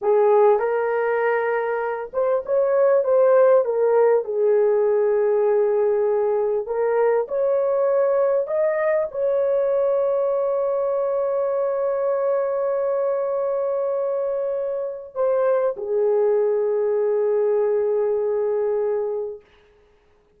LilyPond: \new Staff \with { instrumentName = "horn" } { \time 4/4 \tempo 4 = 99 gis'4 ais'2~ ais'8 c''8 | cis''4 c''4 ais'4 gis'4~ | gis'2. ais'4 | cis''2 dis''4 cis''4~ |
cis''1~ | cis''1~ | cis''4 c''4 gis'2~ | gis'1 | }